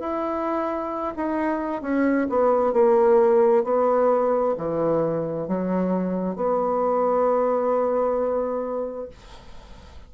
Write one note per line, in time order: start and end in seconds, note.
0.00 1.14 E4
1.17 1.82 D#4
1.82 2.28 C#4
2.30 2.74 B3
2.74 3.64 A#3
3.64 4.55 B3
4.57 5.48 E3
5.48 6.36 F#3
6.36 9.09 B3